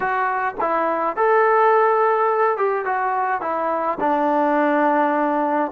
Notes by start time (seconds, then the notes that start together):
0.00 F#4
0.60 E4
1.16 A4
2.57 G4
2.85 F#4
3.41 E4
4.00 D4